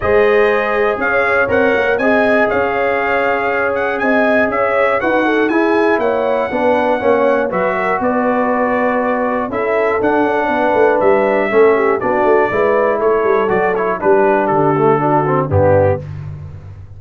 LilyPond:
<<
  \new Staff \with { instrumentName = "trumpet" } { \time 4/4 \tempo 4 = 120 dis''2 f''4 fis''4 | gis''4 f''2~ f''8 fis''8 | gis''4 e''4 fis''4 gis''4 | fis''2. e''4 |
d''2. e''4 | fis''2 e''2 | d''2 cis''4 d''8 cis''8 | b'4 a'2 g'4 | }
  \new Staff \with { instrumentName = "horn" } { \time 4/4 c''2 cis''2 | dis''4 cis''2. | dis''4 cis''4 b'8 a'8 gis'4 | cis''4 b'4 cis''4 b'8 ais'8 |
b'2. a'4~ | a'4 b'2 a'8 g'8 | fis'4 b'4 a'2 | g'2 fis'4 d'4 | }
  \new Staff \with { instrumentName = "trombone" } { \time 4/4 gis'2. ais'4 | gis'1~ | gis'2 fis'4 e'4~ | e'4 d'4 cis'4 fis'4~ |
fis'2. e'4 | d'2. cis'4 | d'4 e'2 fis'8 e'8 | d'4. a8 d'8 c'8 b4 | }
  \new Staff \with { instrumentName = "tuba" } { \time 4/4 gis2 cis'4 c'8 ais8 | c'4 cis'2. | c'4 cis'4 dis'4 e'4 | ais4 b4 ais4 fis4 |
b2. cis'4 | d'8 cis'8 b8 a8 g4 a4 | b8 a8 gis4 a8 g8 fis4 | g4 d2 g,4 | }
>>